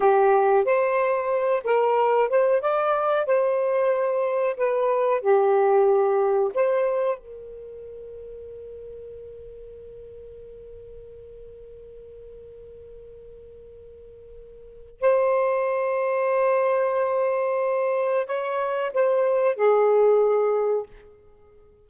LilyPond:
\new Staff \with { instrumentName = "saxophone" } { \time 4/4 \tempo 4 = 92 g'4 c''4. ais'4 c''8 | d''4 c''2 b'4 | g'2 c''4 ais'4~ | ais'1~ |
ais'1~ | ais'2. c''4~ | c''1 | cis''4 c''4 gis'2 | }